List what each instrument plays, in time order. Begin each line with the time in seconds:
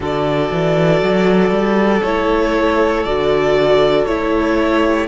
0.00 cello D3, viola F#4, violin A4 D5
0.51 cello E3
1.02 cello F#3
1.50 cello G3
2.02 cello A3, viola E4, violin C#5
3.03 cello D3, viola F#4, violin D5
4.05 cello A3, viola E4, violin C#5
4.84 violin G4